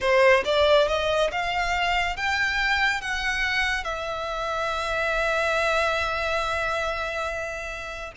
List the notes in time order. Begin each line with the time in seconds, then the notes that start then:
0.00 C5
0.45 D5
0.87 D#5
1.31 F5
2.16 G5
3.01 F#5
3.84 E5